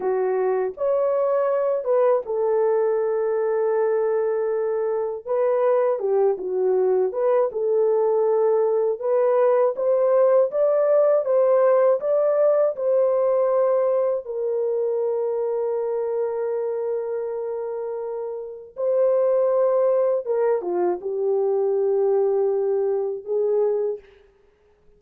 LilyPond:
\new Staff \with { instrumentName = "horn" } { \time 4/4 \tempo 4 = 80 fis'4 cis''4. b'8 a'4~ | a'2. b'4 | g'8 fis'4 b'8 a'2 | b'4 c''4 d''4 c''4 |
d''4 c''2 ais'4~ | ais'1~ | ais'4 c''2 ais'8 f'8 | g'2. gis'4 | }